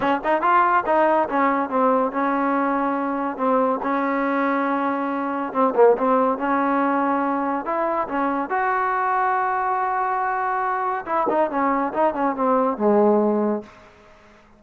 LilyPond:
\new Staff \with { instrumentName = "trombone" } { \time 4/4 \tempo 4 = 141 cis'8 dis'8 f'4 dis'4 cis'4 | c'4 cis'2. | c'4 cis'2.~ | cis'4 c'8 ais8 c'4 cis'4~ |
cis'2 e'4 cis'4 | fis'1~ | fis'2 e'8 dis'8 cis'4 | dis'8 cis'8 c'4 gis2 | }